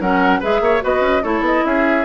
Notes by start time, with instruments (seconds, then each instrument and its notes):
0.00 bassoon F#3, clarinet C#4, oboe A#4, flute F#5
0.40 bassoon G#3, clarinet G#4, oboe B4, flute E5
0.61 bassoon A#3, oboe C#5
0.81 bassoon B3, clarinet F#4, oboe B4, flute D#5
1.01 bassoon C#4
1.23 bassoon A3, clarinet E4, oboe A4, flute C#5
1.41 bassoon B3, flute D#5
1.65 bassoon C#4, oboe G#4, flute E5